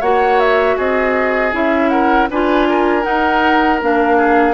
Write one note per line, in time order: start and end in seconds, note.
0.00 0.77 A#3
0.00 1.52 F#4
0.00 0.76 C#5
0.00 0.39 F#5
0.39 0.77 E5
0.77 1.53 C4
0.77 1.91 G#4
0.77 1.54 D#5
1.52 2.28 C#4
1.52 2.28 E4
1.52 1.89 E5
1.89 2.29 A#4
1.89 2.27 F#5
2.29 3.05 D4
2.29 3.03 F4
2.29 2.68 B4
2.29 3.03 G#5
2.69 4.17 A#4
3.03 3.79 D#4
3.03 3.82 D#4
3.03 3.79 F#5
3.82 4.53 A#3
3.82 4.53 D4
3.82 4.53 F5
4.17 4.53 G#4